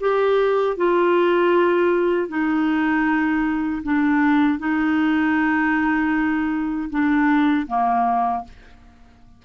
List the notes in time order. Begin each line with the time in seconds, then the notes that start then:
0.00 G4
0.77 F4
2.29 D#4
3.84 D4
4.59 D#4
6.90 D4
7.67 A#3